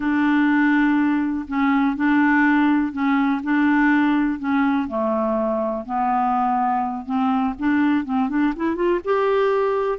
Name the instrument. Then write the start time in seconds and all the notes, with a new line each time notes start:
clarinet
0.00 D4
1.48 C#4
1.96 D4
2.92 C#4
3.43 D4
4.39 C#4
4.88 A3
5.85 B3
7.05 C4
7.58 D4
8.04 C4
8.29 D4
8.55 E4
8.75 F4
9.04 G4